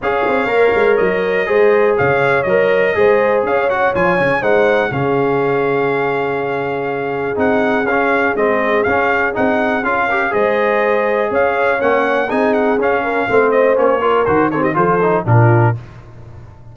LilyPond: <<
  \new Staff \with { instrumentName = "trumpet" } { \time 4/4 \tempo 4 = 122 f''2 dis''2 | f''4 dis''2 f''8 fis''8 | gis''4 fis''4 f''2~ | f''2. fis''4 |
f''4 dis''4 f''4 fis''4 | f''4 dis''2 f''4 | fis''4 gis''8 fis''8 f''4. dis''8 | cis''4 c''8 cis''16 dis''16 c''4 ais'4 | }
  \new Staff \with { instrumentName = "horn" } { \time 4/4 cis''2. c''4 | cis''2 c''4 cis''4~ | cis''4 c''4 gis'2~ | gis'1~ |
gis'1~ | gis'8 ais'8 c''2 cis''4~ | cis''4 gis'4. ais'8 c''4~ | c''8 ais'4 a'16 g'16 a'4 f'4 | }
  \new Staff \with { instrumentName = "trombone" } { \time 4/4 gis'4 ais'2 gis'4~ | gis'4 ais'4 gis'4. fis'8 | f'8 cis'8 dis'4 cis'2~ | cis'2. dis'4 |
cis'4 c'4 cis'4 dis'4 | f'8 g'8 gis'2. | cis'4 dis'4 cis'4 c'4 | cis'8 f'8 fis'8 c'8 f'8 dis'8 d'4 | }
  \new Staff \with { instrumentName = "tuba" } { \time 4/4 cis'8 c'8 ais8 gis8 fis4 gis4 | cis4 fis4 gis4 cis'4 | f8 cis8 gis4 cis2~ | cis2. c'4 |
cis'4 gis4 cis'4 c'4 | cis'4 gis2 cis'4 | ais4 c'4 cis'4 a4 | ais4 dis4 f4 ais,4 | }
>>